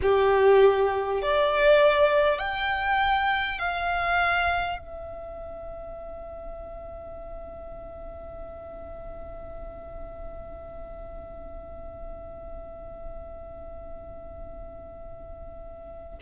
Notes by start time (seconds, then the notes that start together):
0.02 G4
1.22 D5
2.38 G5
3.58 F5
4.78 E5